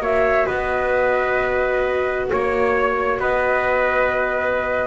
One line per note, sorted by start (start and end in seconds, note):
0.00 0.45 A#3
0.00 4.87 F#4
0.00 0.46 C#5
0.00 0.46 E5
0.46 2.31 B3
0.46 2.28 B4
0.46 2.28 D#5
2.30 3.20 A#3
2.30 3.21 C#5
2.30 3.20 C#5
3.20 4.87 B3
3.20 4.87 B4
3.20 4.87 D#5